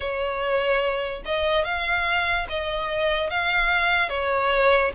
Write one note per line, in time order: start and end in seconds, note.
0.00 1.22 C#5
1.25 1.64 D#5
1.64 2.46 F5
2.49 3.30 D#5
3.30 4.09 F5
4.09 4.91 C#5